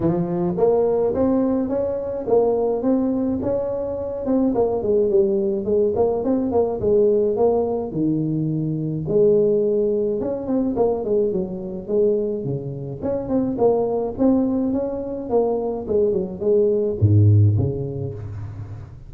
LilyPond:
\new Staff \with { instrumentName = "tuba" } { \time 4/4 \tempo 4 = 106 f4 ais4 c'4 cis'4 | ais4 c'4 cis'4. c'8 | ais8 gis8 g4 gis8 ais8 c'8 ais8 | gis4 ais4 dis2 |
gis2 cis'8 c'8 ais8 gis8 | fis4 gis4 cis4 cis'8 c'8 | ais4 c'4 cis'4 ais4 | gis8 fis8 gis4 gis,4 cis4 | }